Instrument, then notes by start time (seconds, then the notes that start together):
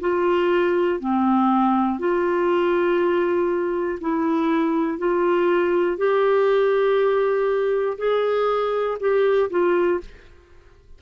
clarinet
0.00 F4
1.00 C4
1.99 F4
4.01 E4
4.98 F4
5.97 G4
7.98 G#4
9.00 G4
9.50 F4